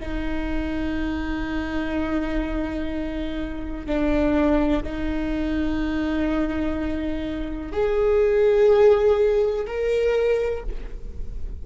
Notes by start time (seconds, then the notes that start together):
0.00 D#4
3.87 D4
4.84 D#4
7.72 G#4
9.67 A#4